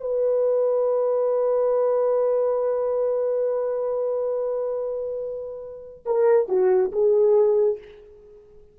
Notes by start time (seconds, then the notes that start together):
0.00 B4
6.05 A#4
6.48 F#4
6.92 G#4